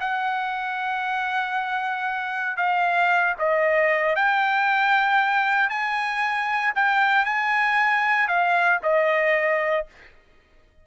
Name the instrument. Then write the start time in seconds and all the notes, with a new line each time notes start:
trumpet
0.00 F#5
2.57 F5
3.39 D#5
4.15 G5
5.70 G#5
6.75 G5
7.25 G#5
8.28 F5
8.83 D#5